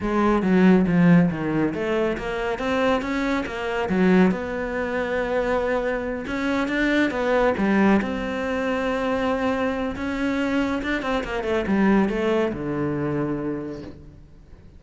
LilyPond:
\new Staff \with { instrumentName = "cello" } { \time 4/4 \tempo 4 = 139 gis4 fis4 f4 dis4 | a4 ais4 c'4 cis'4 | ais4 fis4 b2~ | b2~ b8 cis'4 d'8~ |
d'8 b4 g4 c'4.~ | c'2. cis'4~ | cis'4 d'8 c'8 ais8 a8 g4 | a4 d2. | }